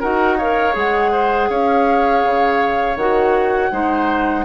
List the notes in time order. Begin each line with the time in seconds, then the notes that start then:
0.00 D#4 F#4 A#4 F#5
0.38 A#4 C#5 F5
0.73 G#3 G#4 F#5
1.12 C5
1.49 C#4 C#5 F5
2.24 C#3
2.96 D#3 F#4 F#5
3.72 G#3 D#4 C5